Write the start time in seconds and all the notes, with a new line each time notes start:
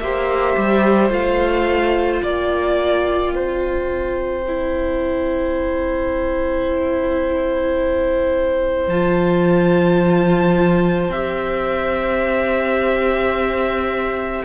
0.00 A#3 G4 C5 E5
0.57 G3
1.10 A3 F4 F5
2.23 A#3 D5 G5
3.34 C4 C5
4.48 E4
8.88 F3 F4 A5
11.09 C4 G4 E5